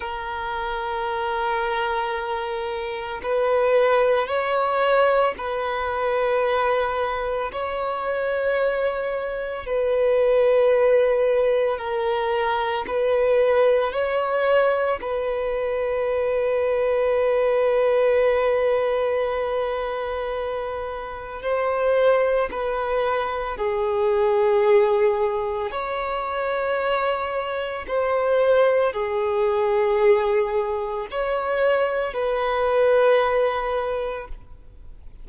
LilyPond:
\new Staff \with { instrumentName = "violin" } { \time 4/4 \tempo 4 = 56 ais'2. b'4 | cis''4 b'2 cis''4~ | cis''4 b'2 ais'4 | b'4 cis''4 b'2~ |
b'1 | c''4 b'4 gis'2 | cis''2 c''4 gis'4~ | gis'4 cis''4 b'2 | }